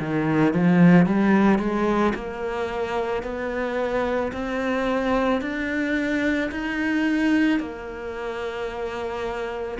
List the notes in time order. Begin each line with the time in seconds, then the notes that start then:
0.00 D#3
0.54 F3
1.06 G3
1.59 G#3
2.15 A#3
3.23 B3
4.33 C4
5.42 D4
6.52 D#4
7.60 A#3